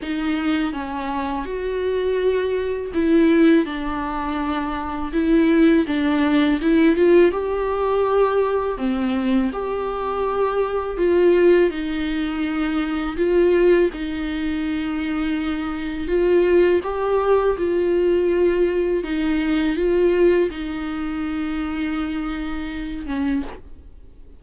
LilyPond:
\new Staff \with { instrumentName = "viola" } { \time 4/4 \tempo 4 = 82 dis'4 cis'4 fis'2 | e'4 d'2 e'4 | d'4 e'8 f'8 g'2 | c'4 g'2 f'4 |
dis'2 f'4 dis'4~ | dis'2 f'4 g'4 | f'2 dis'4 f'4 | dis'2.~ dis'8 cis'8 | }